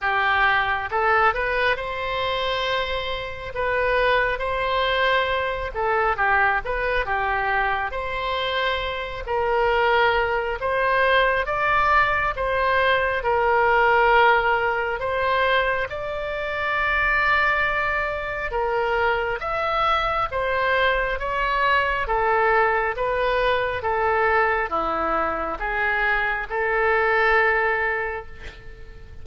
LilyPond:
\new Staff \with { instrumentName = "oboe" } { \time 4/4 \tempo 4 = 68 g'4 a'8 b'8 c''2 | b'4 c''4. a'8 g'8 b'8 | g'4 c''4. ais'4. | c''4 d''4 c''4 ais'4~ |
ais'4 c''4 d''2~ | d''4 ais'4 e''4 c''4 | cis''4 a'4 b'4 a'4 | e'4 gis'4 a'2 | }